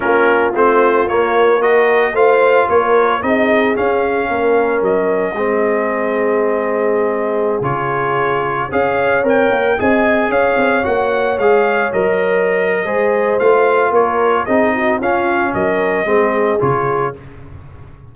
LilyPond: <<
  \new Staff \with { instrumentName = "trumpet" } { \time 4/4 \tempo 4 = 112 ais'4 c''4 cis''4 dis''4 | f''4 cis''4 dis''4 f''4~ | f''4 dis''2.~ | dis''2~ dis''16 cis''4.~ cis''16~ |
cis''16 f''4 g''4 gis''4 f''8.~ | f''16 fis''4 f''4 dis''4.~ dis''16~ | dis''4 f''4 cis''4 dis''4 | f''4 dis''2 cis''4 | }
  \new Staff \with { instrumentName = "horn" } { \time 4/4 f'2. ais'4 | c''4 ais'4 gis'2 | ais'2 gis'2~ | gis'1~ |
gis'16 cis''2 dis''4 cis''8.~ | cis''1 | c''2 ais'4 gis'8 fis'8 | f'4 ais'4 gis'2 | }
  \new Staff \with { instrumentName = "trombone" } { \time 4/4 cis'4 c'4 ais4 fis'4 | f'2 dis'4 cis'4~ | cis'2 c'2~ | c'2~ c'16 f'4.~ f'16~ |
f'16 gis'4 ais'4 gis'4.~ gis'16~ | gis'16 fis'4 gis'4 ais'4.~ ais'16 | gis'4 f'2 dis'4 | cis'2 c'4 f'4 | }
  \new Staff \with { instrumentName = "tuba" } { \time 4/4 ais4 a4 ais2 | a4 ais4 c'4 cis'4 | ais4 fis4 gis2~ | gis2~ gis16 cis4.~ cis16~ |
cis16 cis'4 c'8 ais8 c'4 cis'8 c'16~ | c'16 ais4 gis4 fis4.~ fis16 | gis4 a4 ais4 c'4 | cis'4 fis4 gis4 cis4 | }
>>